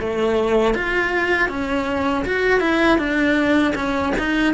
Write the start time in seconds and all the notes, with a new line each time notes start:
0.00 A3
0.74 F4
1.49 C#4
2.26 F#4
2.61 E4
2.98 D4
3.75 C#4
4.18 D#4